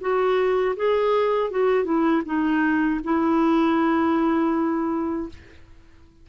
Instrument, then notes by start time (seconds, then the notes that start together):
clarinet
0.00 F#4
0.76 G#4
1.50 F#4
1.84 E4
2.25 D#4
3.04 E4